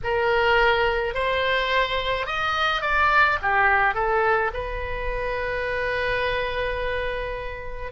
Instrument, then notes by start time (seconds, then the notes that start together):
oboe
0.03 A#4
1.14 C5
2.26 D#5
2.81 D5
3.42 G4
3.94 A4
4.53 B4